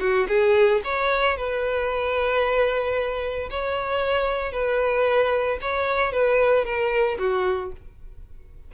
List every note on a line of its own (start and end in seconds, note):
0.00 0.27 F#4
0.28 0.81 G#4
0.84 1.37 C#5
1.37 3.49 B4
3.50 4.52 C#5
4.52 5.58 B4
5.61 6.12 C#5
6.12 6.65 B4
6.65 7.18 A#4
7.18 7.71 F#4